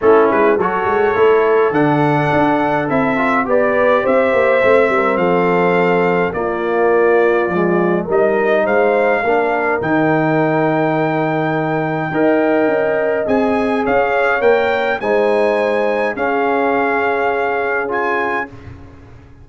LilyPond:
<<
  \new Staff \with { instrumentName = "trumpet" } { \time 4/4 \tempo 4 = 104 a'8 b'8 cis''2 fis''4~ | fis''4 e''4 d''4 e''4~ | e''4 f''2 d''4~ | d''2 dis''4 f''4~ |
f''4 g''2.~ | g''2. gis''4 | f''4 g''4 gis''2 | f''2. gis''4 | }
  \new Staff \with { instrumentName = "horn" } { \time 4/4 e'4 a'2.~ | a'2 b'4 c''4~ | c''8 ais'8 a'2 f'4~ | f'2 ais'4 c''4 |
ais'1~ | ais'4 dis''2. | cis''2 c''2 | gis'1 | }
  \new Staff \with { instrumentName = "trombone" } { \time 4/4 cis'4 fis'4 e'4 d'4~ | d'4 e'8 f'8 g'2 | c'2. ais4~ | ais4 gis4 dis'2 |
d'4 dis'2.~ | dis'4 ais'2 gis'4~ | gis'4 ais'4 dis'2 | cis'2. f'4 | }
  \new Staff \with { instrumentName = "tuba" } { \time 4/4 a8 gis8 fis8 gis8 a4 d4 | d'4 c'4 b4 c'8 ais8 | a8 g8 f2 ais4~ | ais4 f4 g4 gis4 |
ais4 dis2.~ | dis4 dis'4 cis'4 c'4 | cis'4 ais4 gis2 | cis'1 | }
>>